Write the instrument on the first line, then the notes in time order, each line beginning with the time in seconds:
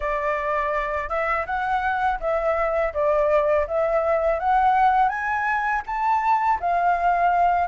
flute
0.00 D5
1.09 E5
1.46 F#5
2.20 E5
2.93 D5
3.67 E5
4.39 F#5
5.09 G#5
5.86 A5
6.60 F5